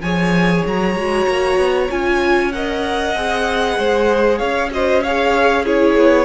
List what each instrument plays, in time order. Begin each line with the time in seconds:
0.00 cello F3, viola G#4, violin C#5 G#5
0.66 cello F#3, violin A#5
0.95 cello G#3, viola F#4
1.27 cello A#3
1.57 cello B3
1.90 cello C#4, viola F4, violin G#5
2.52 viola A#4, violin D#5 F#5
3.15 cello C4, viola G#4
3.78 cello G#3, violin C5
4.38 cello C#4, violin C#5 F5
4.71 viola F#4, violin C5 D#5
5.02 viola G#4, violin C#5 F5
5.63 viola E4, violin G#4 C#5
5.95 cello B3